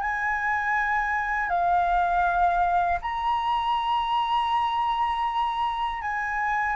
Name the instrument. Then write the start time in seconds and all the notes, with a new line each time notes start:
flute
0.00 G#5
1.49 F5
3.01 A#5
6.01 G#5